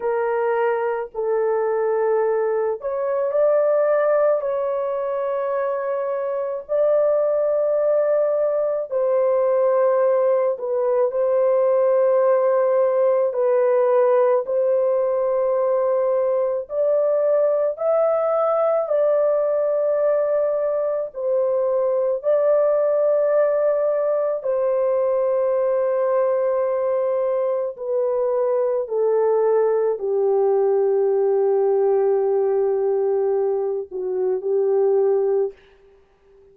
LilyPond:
\new Staff \with { instrumentName = "horn" } { \time 4/4 \tempo 4 = 54 ais'4 a'4. cis''8 d''4 | cis''2 d''2 | c''4. b'8 c''2 | b'4 c''2 d''4 |
e''4 d''2 c''4 | d''2 c''2~ | c''4 b'4 a'4 g'4~ | g'2~ g'8 fis'8 g'4 | }